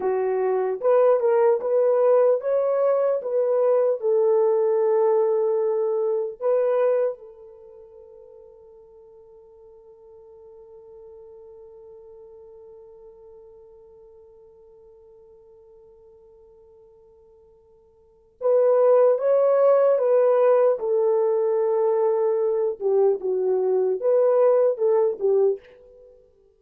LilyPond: \new Staff \with { instrumentName = "horn" } { \time 4/4 \tempo 4 = 75 fis'4 b'8 ais'8 b'4 cis''4 | b'4 a'2. | b'4 a'2.~ | a'1~ |
a'1~ | a'2. b'4 | cis''4 b'4 a'2~ | a'8 g'8 fis'4 b'4 a'8 g'8 | }